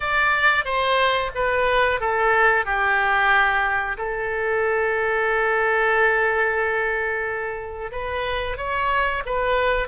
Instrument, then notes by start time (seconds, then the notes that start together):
oboe
0.00 D5
0.64 C5
1.34 B4
2.00 A4
2.65 G4
3.97 A4
7.91 B4
8.57 C#5
9.25 B4